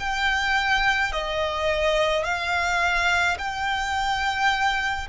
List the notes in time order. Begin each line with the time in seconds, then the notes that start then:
0.00 G5
1.13 D#5
2.24 F5
3.39 G5